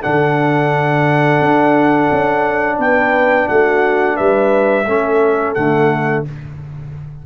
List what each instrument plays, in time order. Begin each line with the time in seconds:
0.00 tuba D3, trombone D4, horn A4, trumpet F#5
1.41 tuba D4
2.11 tuba C#4
2.78 tuba B3, horn B4, trumpet G5
3.48 tuba A3, horn F#4, trumpet F#5
4.16 tuba G3, horn B4, trumpet E5
4.86 tuba A3, trombone C#4, horn A4
5.54 tuba D3, trombone A3, trumpet F#5